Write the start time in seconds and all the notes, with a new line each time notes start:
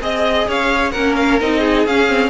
0.00 C4 G#4 D#5
0.48 C#4 C#5 F5
0.91 A#3 C#4 A#4 F#5
1.16 F5
1.40 C4 D#4 D#5
1.60 G#4
1.86 C#4 F5
2.08 C4